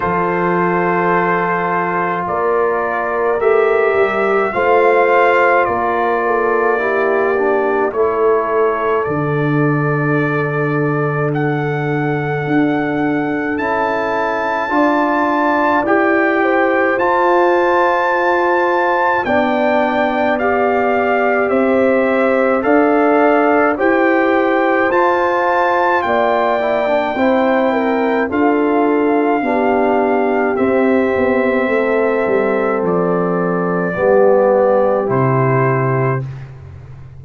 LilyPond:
<<
  \new Staff \with { instrumentName = "trumpet" } { \time 4/4 \tempo 4 = 53 c''2 d''4 e''4 | f''4 d''2 cis''4 | d''2 fis''2 | a''2 g''4 a''4~ |
a''4 g''4 f''4 e''4 | f''4 g''4 a''4 g''4~ | g''4 f''2 e''4~ | e''4 d''2 c''4 | }
  \new Staff \with { instrumentName = "horn" } { \time 4/4 a'2 ais'2 | c''4 ais'8 a'8 g'4 a'4~ | a'1~ | a'4 d''4. c''4.~ |
c''4 d''2 c''4 | d''4 c''2 d''4 | c''8 ais'8 a'4 g'2 | a'2 g'2 | }
  \new Staff \with { instrumentName = "trombone" } { \time 4/4 f'2. g'4 | f'2 e'8 d'8 e'4 | d'1 | e'4 f'4 g'4 f'4~ |
f'4 d'4 g'2 | a'4 g'4 f'4. e'16 d'16 | e'4 f'4 d'4 c'4~ | c'2 b4 e'4 | }
  \new Staff \with { instrumentName = "tuba" } { \time 4/4 f2 ais4 a8 g8 | a4 ais2 a4 | d2. d'4 | cis'4 d'4 e'4 f'4~ |
f'4 b2 c'4 | d'4 e'4 f'4 ais4 | c'4 d'4 b4 c'8 b8 | a8 g8 f4 g4 c4 | }
>>